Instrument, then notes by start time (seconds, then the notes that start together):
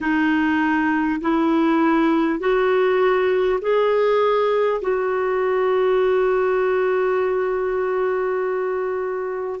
clarinet
0.01 D#4
1.21 E4
2.39 F#4
3.61 G#4
4.81 F#4